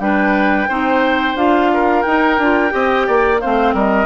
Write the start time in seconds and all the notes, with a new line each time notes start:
0.00 G3 D4 B4 G5
0.69 C4 D#4 C5
1.36 D4 F4 F5
1.74 A#4
2.03 D#4 G5
2.38 D4 F4
2.70 C4 G4 D#5
3.07 A#3 D5
3.40 A3 C4 C5 F5
3.74 G3 A#4 D#5